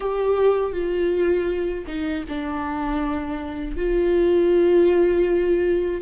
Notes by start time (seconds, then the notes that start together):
0.00 G4
0.72 F4
1.86 D#4
2.28 D4
3.76 F4